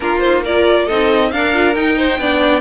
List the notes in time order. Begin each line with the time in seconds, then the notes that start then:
0.00 A#3 D4 F4 A#4
0.19 D#4 C5
0.44 F4 A#4 D5
0.85 C4 D#4 A4 D#5
1.31 D4 A#4 F5
1.53 F4
1.74 D#4 G5
1.97 C5
2.18 B3 D4 D5